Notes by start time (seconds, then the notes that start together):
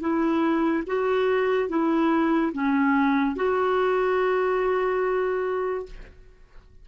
0.00 E4
0.86 F#4
1.69 E4
2.53 C#4
3.36 F#4